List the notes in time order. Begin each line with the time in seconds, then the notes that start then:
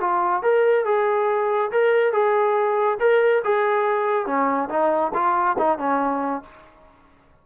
0.00 F4
0.42 A#4
0.85 G#4
1.71 A#4
2.13 G#4
2.99 A#4
3.44 G#4
4.26 C#4
4.69 D#4
5.14 F4
5.58 D#4
5.78 C#4